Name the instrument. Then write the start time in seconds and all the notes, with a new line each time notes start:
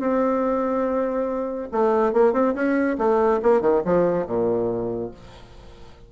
bassoon
0.00 C4
1.72 A3
2.13 A#3
2.34 C4
2.55 C#4
2.99 A3
3.43 A#3
3.62 D#3
3.85 F3
4.27 A#2